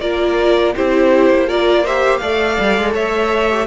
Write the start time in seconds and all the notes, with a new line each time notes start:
0.00 A#3 F4 A#4 D5
0.75 C4 E4 G4 C5
1.29 A#3
1.47 F4 A#4 D5
1.83 G4 C5 E5
2.17 A3 A4 D5 F5
2.59 G3
2.77 G#3
2.93 A3 C#5 E5
3.50 G4